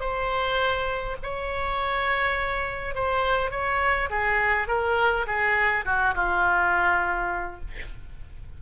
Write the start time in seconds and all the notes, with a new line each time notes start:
0.00 C5
1.23 C#5
2.95 C5
3.51 C#5
4.10 G#4
4.68 A#4
5.27 G#4
5.85 F#4
6.15 F4